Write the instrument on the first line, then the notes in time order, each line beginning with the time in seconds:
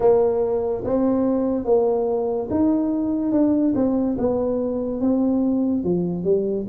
tuba
0.00 A#3
0.84 C4
1.64 A#3
2.50 D#4
3.32 D4
3.75 C4
4.17 B3
5.00 C4
5.83 F3
6.24 G3